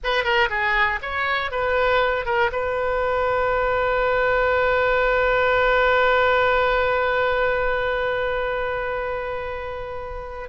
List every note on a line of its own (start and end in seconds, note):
0.03 0.23 B4
0.23 0.48 A#4
0.49 0.99 G#4
1.02 1.51 C#5
1.51 2.25 B4
2.25 2.50 A#4
2.52 10.49 B4